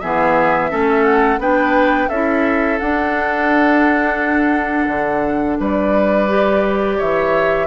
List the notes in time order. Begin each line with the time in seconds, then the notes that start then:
0.00 E3 B3 G#4 E5
0.69 A3 C#4 A4
1.03 F#5
1.38 B3 D4 B4 G5
2.08 C#4 E4 A4 E5
2.79 D4 F#5
4.87 D3
5.59 G3 B4 D5
6.28 G4
6.97 E3 C#5 E5